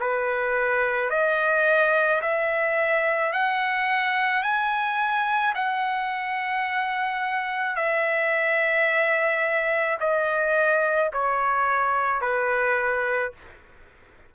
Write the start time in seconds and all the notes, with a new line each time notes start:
0.00 B4
1.10 D#5
2.21 E5
3.32 F#5
4.42 G#5
5.55 F#5
7.76 E5
10.00 D#5
11.13 C#5
12.21 B4